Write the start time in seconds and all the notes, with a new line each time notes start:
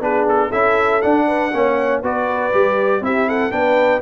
0.00 B3 D4 G#4 B4
0.28 A4
0.49 C#4 E4 A4 E5
1.02 D4 F#5
1.27 B4
1.53 A#3 C#4 C#5
2.01 B3 F#4 B4 D5
2.52 G3 G4
3.00 C4 E4 G4 E5
3.28 A4 F#5
3.51 B3 D4 B4 G5